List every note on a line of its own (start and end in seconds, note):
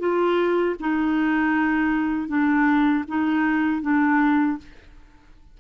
0.00 0.76 F4
0.80 2.29 D#4
2.29 3.04 D4
3.08 3.82 D#4
3.82 4.58 D4